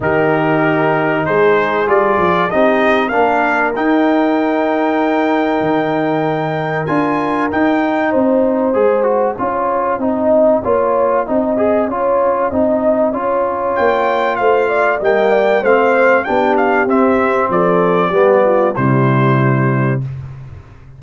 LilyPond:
<<
  \new Staff \with { instrumentName = "trumpet" } { \time 4/4 \tempo 4 = 96 ais'2 c''4 d''4 | dis''4 f''4 g''2~ | g''2. gis''4 | g''4 gis''2.~ |
gis''1~ | gis''2 g''4 f''4 | g''4 f''4 g''8 f''8 e''4 | d''2 c''2 | }
  \new Staff \with { instrumentName = "horn" } { \time 4/4 g'2 gis'2 | g'4 ais'2.~ | ais'1~ | ais'4 c''2 cis''4 |
dis''4 cis''4 dis''4 cis''4 | dis''4 cis''2 c''8 d''8 | dis''8 d''8 c''4 g'2 | a'4 g'8 f'8 e'2 | }
  \new Staff \with { instrumentName = "trombone" } { \time 4/4 dis'2. f'4 | dis'4 d'4 dis'2~ | dis'2. f'4 | dis'2 gis'8 fis'8 f'4 |
dis'4 f'4 dis'8 gis'8 f'4 | dis'4 f'2. | ais4 c'4 d'4 c'4~ | c'4 b4 g2 | }
  \new Staff \with { instrumentName = "tuba" } { \time 4/4 dis2 gis4 g8 f8 | c'4 ais4 dis'2~ | dis'4 dis2 d'4 | dis'4 c'4 gis4 cis'4 |
c'4 ais4 c'4 cis'4 | c'4 cis'4 ais4 a4 | g4 a4 b4 c'4 | f4 g4 c2 | }
>>